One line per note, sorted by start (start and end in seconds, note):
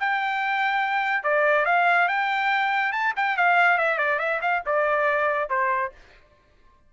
0.00 1.24 G5
1.24 1.66 D5
1.66 2.09 F5
2.09 2.93 G5
2.93 3.14 A5
3.17 3.38 G5
3.38 3.78 F5
3.78 3.98 E5
3.98 4.19 D5
4.19 4.41 E5
4.42 4.63 F5
4.66 5.50 D5
5.50 5.92 C5